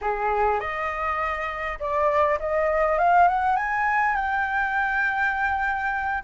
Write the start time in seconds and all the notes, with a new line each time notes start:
0.01 G#4
0.60 D#5
1.79 D5
2.39 D#5
2.98 F5
3.28 F#5
3.56 G#5
4.15 G5